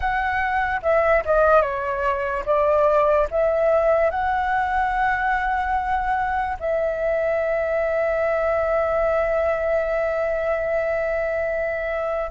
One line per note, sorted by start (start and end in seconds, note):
0.00 0.80 F#5
0.82 1.23 E5
1.25 1.61 D#5
1.61 2.43 C#5
2.45 3.27 D5
3.30 4.10 E5
4.10 6.57 F#5
6.59 12.30 E5